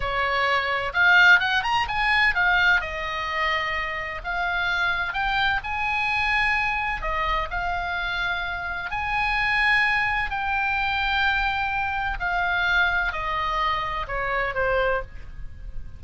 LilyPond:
\new Staff \with { instrumentName = "oboe" } { \time 4/4 \tempo 4 = 128 cis''2 f''4 fis''8 ais''8 | gis''4 f''4 dis''2~ | dis''4 f''2 g''4 | gis''2. dis''4 |
f''2. gis''4~ | gis''2 g''2~ | g''2 f''2 | dis''2 cis''4 c''4 | }